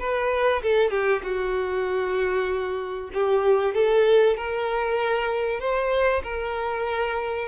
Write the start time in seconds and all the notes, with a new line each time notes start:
0.00 B4
0.63 A4
0.91 G4
1.23 F#4
3.14 G4
3.75 A4
4.37 A#4
5.61 C5
6.24 A#4